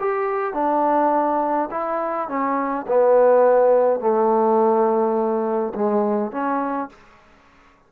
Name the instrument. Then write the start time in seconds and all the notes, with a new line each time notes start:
trombone
0.00 G4
0.54 D4
1.71 E4
2.28 C#4
2.88 B3
4.00 A3
5.75 G#3
6.31 C#4